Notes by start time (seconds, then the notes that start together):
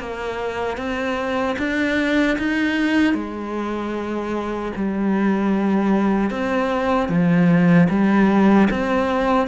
0.00 A#3
0.77 C4
1.59 D4
2.39 D#4
3.14 G#3
4.76 G3
6.31 C4
7.09 F3
7.90 G3
8.71 C4